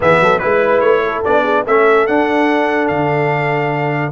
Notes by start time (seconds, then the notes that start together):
0.00 E3 B3 G#4 E5
0.20 F#3 A4
0.38 G#3 E4 B4
0.80 A3 C#5
1.05 A4
1.24 B3 D4 D5
1.42 G#4
1.66 A3 C#4 A4 E5
2.06 D4 F#5
2.87 D3 F5